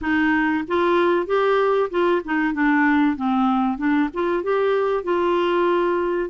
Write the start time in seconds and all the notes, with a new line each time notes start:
0.01 D#4
0.67 F4
1.26 G4
1.90 F4
2.24 D#4
2.53 D4
3.16 C4
3.77 D4
4.13 F4
4.43 G4
5.03 F4